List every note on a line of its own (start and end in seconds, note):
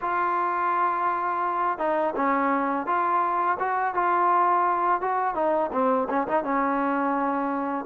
0.01 1.78 F4
1.78 2.14 D#4
2.16 2.86 C#4
2.86 3.57 F4
3.59 3.94 F#4
3.94 5.01 F4
5.01 5.34 F#4
5.34 5.70 D#4
5.72 6.07 C4
6.09 6.27 C#4
6.27 6.43 D#4
6.43 7.85 C#4